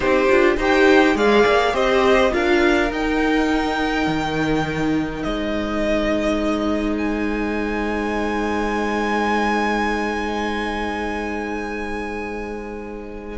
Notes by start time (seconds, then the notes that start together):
0.00 C4 D#4 G4 C5
0.29 D4 F4
0.57 D#4 G4 C5 G5
1.14 G#3 G#4 D5 F5
1.46 A#3
1.72 C4 G4 C5 D#5
2.30 D4 F4 A#4 F5
2.90 D#4 G5
4.06 D#3
5.22 G#3 C5 D#5
6.97 G#5